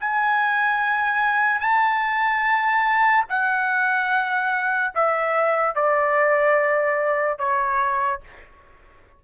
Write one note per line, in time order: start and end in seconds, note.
0.00 1.61 G#5
1.61 3.25 A5
3.30 4.94 F#5
4.95 5.75 E5
5.75 7.39 D5
7.39 8.21 C#5